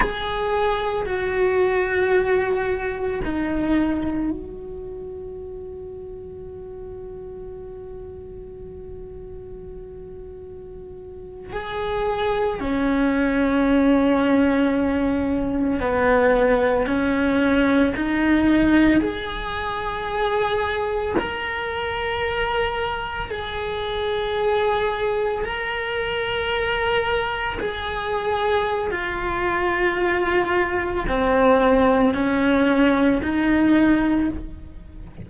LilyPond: \new Staff \with { instrumentName = "cello" } { \time 4/4 \tempo 4 = 56 gis'4 fis'2 dis'4 | fis'1~ | fis'2~ fis'8. gis'4 cis'16~ | cis'2~ cis'8. b4 cis'16~ |
cis'8. dis'4 gis'2 ais'16~ | ais'4.~ ais'16 gis'2 ais'16~ | ais'4.~ ais'16 gis'4~ gis'16 f'4~ | f'4 c'4 cis'4 dis'4 | }